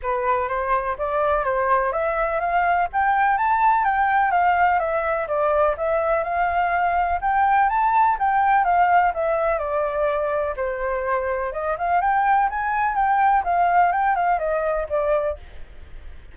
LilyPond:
\new Staff \with { instrumentName = "flute" } { \time 4/4 \tempo 4 = 125 b'4 c''4 d''4 c''4 | e''4 f''4 g''4 a''4 | g''4 f''4 e''4 d''4 | e''4 f''2 g''4 |
a''4 g''4 f''4 e''4 | d''2 c''2 | dis''8 f''8 g''4 gis''4 g''4 | f''4 g''8 f''8 dis''4 d''4 | }